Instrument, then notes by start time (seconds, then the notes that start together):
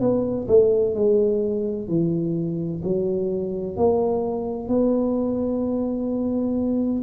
tuba
0.00 B3
0.48 A3
0.94 G#3
1.88 E3
2.83 F#3
3.76 A#3
4.68 B3